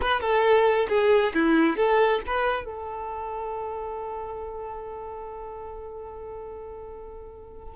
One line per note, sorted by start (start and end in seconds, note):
0.01 0.21 B4
0.21 0.87 A4
0.88 1.33 G#4
1.34 1.76 E4
1.76 2.20 A4
2.26 2.65 B4
2.65 7.76 A4